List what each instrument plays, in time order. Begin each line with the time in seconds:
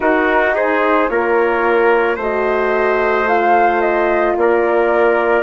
0.00 horn D#4, bassoon D#4, trumpet F#4, flute A#4
0.55 trumpet G#4, flute C5
1.08 bassoon A#3, horn F4, trumpet A#4, flute C#5
2.16 bassoon A3, horn F#4, trumpet C5, flute D#5
3.27 horn F4, flute F5
3.81 flute D#5
4.36 bassoon A#3, trumpet A#4, flute D5